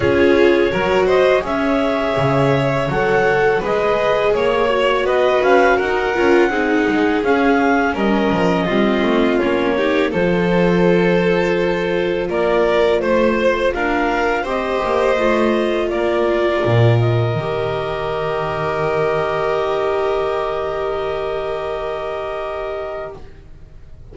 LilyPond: <<
  \new Staff \with { instrumentName = "clarinet" } { \time 4/4 \tempo 4 = 83 cis''4. dis''8 e''2 | fis''4 dis''4 cis''4 dis''8 f''8 | fis''2 f''4 dis''4~ | dis''4 cis''4 c''2~ |
c''4 d''4 c''4 f''4 | dis''2 d''4. dis''8~ | dis''1~ | dis''1 | }
  \new Staff \with { instrumentName = "violin" } { \time 4/4 gis'4 ais'8 c''8 cis''2~ | cis''4 b'4 cis''4 b'4 | ais'4 gis'2 ais'4 | f'4. g'8 a'2~ |
a'4 ais'4 c''4 ais'4 | c''2 ais'2~ | ais'1~ | ais'1 | }
  \new Staff \with { instrumentName = "viola" } { \time 4/4 f'4 fis'4 gis'2 | a'4 gis'4. fis'4.~ | fis'8 f'8 dis'4 cis'2 | c'4 cis'8 dis'8 f'2~ |
f'1 | g'4 f'2. | g'1~ | g'1 | }
  \new Staff \with { instrumentName = "double bass" } { \time 4/4 cis'4 fis4 cis'4 cis4 | fis4 gis4 ais4 b8 cis'8 | dis'8 cis'8 c'8 gis8 cis'4 g8 f8 | g8 a8 ais4 f2~ |
f4 ais4 a4 d'4 | c'8 ais8 a4 ais4 ais,4 | dis1~ | dis1 | }
>>